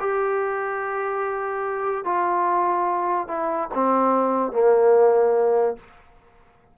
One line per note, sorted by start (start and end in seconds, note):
0.00 2.05 G4
2.05 3.28 F4
3.28 3.69 E4
3.74 4.53 C4
4.53 5.77 A#3